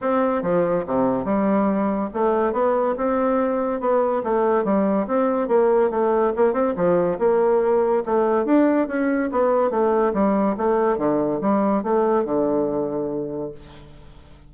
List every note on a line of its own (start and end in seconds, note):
0.01 0.42 C4
0.42 0.85 F3
0.86 1.24 C3
1.24 2.09 G3
2.13 2.52 A3
2.52 2.94 B3
2.97 3.80 C4
3.80 4.22 B3
4.23 4.64 A3
4.64 5.06 G3
5.07 5.48 C4
5.48 5.90 A#3
5.90 6.32 A3
6.36 6.53 A#3
6.53 6.74 C4
6.75 7.18 F3
7.18 8.03 A#3
8.05 8.45 A3
8.45 8.87 D4
8.87 9.30 C#4
9.31 9.70 B3
9.70 10.12 A3
10.13 10.55 G3
10.57 10.97 A3
10.97 11.40 D3
11.41 11.83 G3
11.83 12.25 A3
12.25 13.51 D3